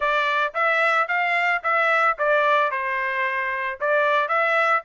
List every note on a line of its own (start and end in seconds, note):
0.00 0.53 D5
0.54 1.08 E5
1.08 1.62 F5
1.63 2.17 E5
2.18 2.71 D5
2.71 3.79 C5
3.80 4.28 D5
4.28 4.82 E5